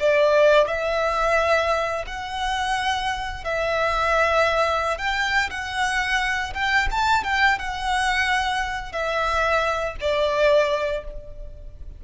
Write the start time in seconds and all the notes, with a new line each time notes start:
0.00 D5
0.67 E5
2.06 F#5
3.44 E5
4.98 G5
5.50 F#5
6.54 G5
6.91 A5
7.24 G5
7.59 F#5
8.92 E5
10.01 D5